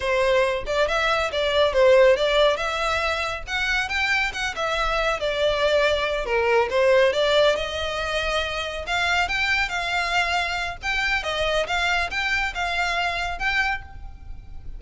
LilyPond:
\new Staff \with { instrumentName = "violin" } { \time 4/4 \tempo 4 = 139 c''4. d''8 e''4 d''4 | c''4 d''4 e''2 | fis''4 g''4 fis''8 e''4. | d''2~ d''8 ais'4 c''8~ |
c''8 d''4 dis''2~ dis''8~ | dis''8 f''4 g''4 f''4.~ | f''4 g''4 dis''4 f''4 | g''4 f''2 g''4 | }